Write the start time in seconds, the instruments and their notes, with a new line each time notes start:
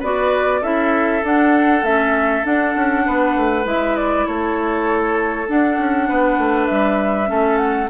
0.00 bassoon B3, clarinet F#4, oboe B4, flute D5
0.62 bassoon C#4, clarinet E4, oboe A4, flute E5
1.23 clarinet D4, bassoon D4, flute F#5
1.83 bassoon A3, clarinet C#4, flute E5
2.44 clarinet D4, bassoon D4, flute F#5
2.76 bassoon C#4
3.06 bassoon B3, oboe B4
3.36 bassoon A3
3.65 bassoon G#3, clarinet E4, flute E5
3.97 flute D5
4.27 bassoon A3, oboe A4, flute C#5
5.48 bassoon D4, clarinet D4, flute F#5
5.79 bassoon C#4
6.09 bassoon B3, oboe B4
6.38 bassoon A3
6.67 bassoon G3, flute E5
7.26 bassoon A3, clarinet C#4, oboe A4
7.57 flute F#5